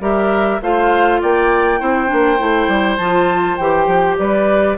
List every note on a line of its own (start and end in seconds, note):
0.00 0.59 G3
0.00 0.61 G4
0.00 0.61 A#4
0.00 0.61 E5
0.62 1.21 A3
0.62 1.79 F4
0.62 1.21 C5
0.62 1.21 F5
1.21 1.81 A#3
1.21 1.80 D5
1.21 2.97 G5
1.79 2.11 C4
1.79 2.07 E4
1.79 4.17 C5
2.07 2.40 A#3
2.07 2.37 D4
2.38 2.68 A3
2.38 2.98 E4
2.68 2.98 G3
2.97 3.57 F3
2.97 3.60 F4
2.97 3.56 A5
3.56 3.87 E3
3.56 4.77 G4
3.56 4.16 G5
3.87 4.17 F3
4.18 4.77 G3
4.18 4.77 B4
4.18 4.77 D5